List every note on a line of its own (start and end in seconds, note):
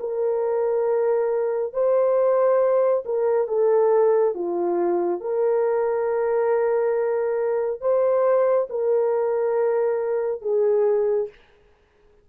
0.00 1.74 A#4
1.74 3.04 C5
3.06 3.48 A#4
3.48 4.35 A4
4.35 5.21 F4
5.21 7.81 A#4
7.81 8.68 C5
8.70 10.42 A#4
10.42 11.29 G#4